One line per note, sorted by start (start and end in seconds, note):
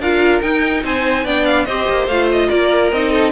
0.00 0.42 D4
0.00 0.43 F4
0.00 0.83 A#4
0.00 0.42 F5
0.42 0.84 D#4
0.42 1.26 D#4
0.42 0.84 G5
0.84 1.25 C4
0.84 1.25 C5
0.84 1.27 G#5
1.25 1.67 B3
1.25 1.68 D4
1.25 1.66 D5
1.25 1.46 G5
1.46 1.66 F5
1.66 1.89 C4
1.66 2.11 G4
1.66 2.49 C5
1.66 2.07 D#5
1.89 2.08 A#3
2.08 2.49 A3
2.08 2.94 F4
2.08 2.29 F5
2.32 2.50 D#5
2.50 2.93 A#3
2.50 3.11 A#4
2.50 2.91 D5
2.92 3.33 C4
2.92 3.33 D#4
2.92 3.33 D#5
3.11 3.32 A4